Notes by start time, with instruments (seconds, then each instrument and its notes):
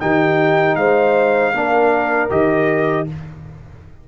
0.00 tuba D#3, trombone D#4, horn G4, trumpet G5
0.76 tuba G#3, horn C5, trumpet F5
1.54 tuba A#3, trombone D4, horn A#4
2.30 tuba D#3, trombone G4, trumpet D#5